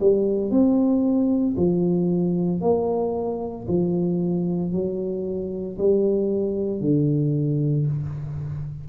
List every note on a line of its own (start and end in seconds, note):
0.00 0.50 G3
0.50 1.56 C4
1.56 2.61 F3
2.61 3.66 A#3
3.67 4.72 F3
4.72 5.77 F#3
5.78 6.80 G3
6.80 7.86 D3